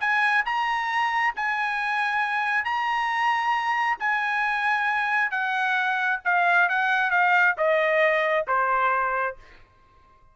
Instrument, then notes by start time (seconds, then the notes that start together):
trumpet
0.00 G#5
0.45 A#5
1.36 G#5
2.64 A#5
3.99 G#5
5.31 F#5
6.25 F5
6.69 F#5
7.11 F5
7.57 D#5
8.47 C5